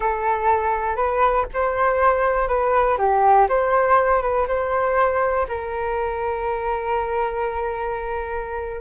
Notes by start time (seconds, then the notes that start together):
0.00 A4
0.96 B4
1.53 C5
2.48 B4
2.98 G4
3.48 C5
4.22 B4
4.47 C5
5.48 A#4